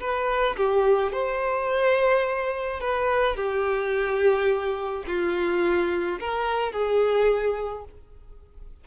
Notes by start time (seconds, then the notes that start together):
0.00 B4
0.56 G4
1.12 C5
2.80 B4
3.36 G4
5.07 F4
6.20 A#4
6.72 G#4